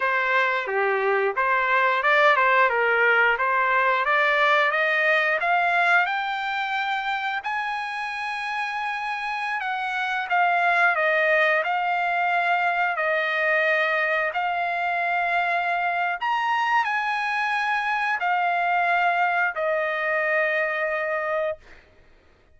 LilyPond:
\new Staff \with { instrumentName = "trumpet" } { \time 4/4 \tempo 4 = 89 c''4 g'4 c''4 d''8 c''8 | ais'4 c''4 d''4 dis''4 | f''4 g''2 gis''4~ | gis''2~ gis''16 fis''4 f''8.~ |
f''16 dis''4 f''2 dis''8.~ | dis''4~ dis''16 f''2~ f''8. | ais''4 gis''2 f''4~ | f''4 dis''2. | }